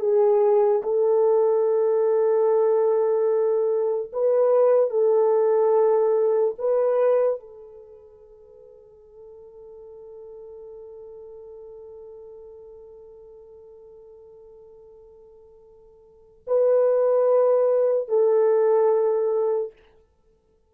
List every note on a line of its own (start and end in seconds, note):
0.00 0.82 G#4
0.83 4.11 A4
4.12 4.90 B4
4.90 6.55 A4
6.58 7.40 B4
7.40 16.44 A4
16.47 18.09 B4
18.09 19.73 A4